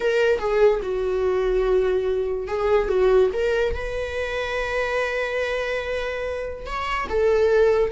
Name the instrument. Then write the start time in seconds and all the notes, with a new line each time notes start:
viola
0.00 A#4
0.38 G#4
0.82 F#4
2.47 G#4
2.88 F#4
3.33 A#4
3.74 B4
6.66 C#5
7.09 A4